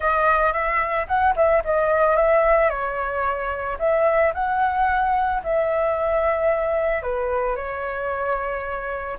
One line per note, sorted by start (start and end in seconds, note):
0.00 0.53 D#5
0.53 1.07 E5
1.07 1.34 F#5
1.35 1.62 E5
1.64 2.15 D#5
2.15 2.69 E5
2.69 3.77 C#5
3.78 4.32 E5
4.34 5.42 F#5
5.43 7.02 E5
7.02 7.56 B4
7.56 9.18 C#5